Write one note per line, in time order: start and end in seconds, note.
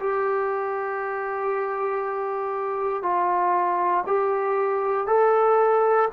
0.00 3.03 G4
3.03 4.04 F4
4.07 5.07 G4
5.07 6.09 A4